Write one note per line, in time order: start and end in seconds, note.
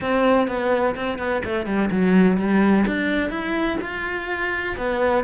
0.00 0.47 C4
0.47 0.95 B3
0.95 1.18 C4
1.18 1.42 B3
1.44 1.66 A3
1.66 1.89 G3
1.90 2.37 F#3
2.37 2.84 G3
2.87 3.30 D4
3.30 3.77 E4
3.81 4.76 F4
4.77 5.24 B3